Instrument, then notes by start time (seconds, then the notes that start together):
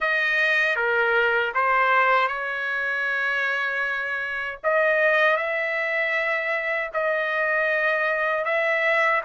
trumpet
0.00 D#5
0.76 A#4
1.54 C5
2.28 C#5
4.63 D#5
5.36 E5
6.93 D#5
8.44 E5